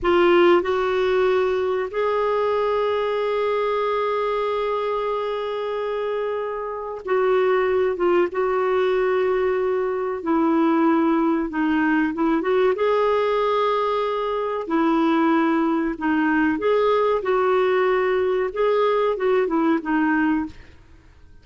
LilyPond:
\new Staff \with { instrumentName = "clarinet" } { \time 4/4 \tempo 4 = 94 f'4 fis'2 gis'4~ | gis'1~ | gis'2. fis'4~ | fis'8 f'8 fis'2. |
e'2 dis'4 e'8 fis'8 | gis'2. e'4~ | e'4 dis'4 gis'4 fis'4~ | fis'4 gis'4 fis'8 e'8 dis'4 | }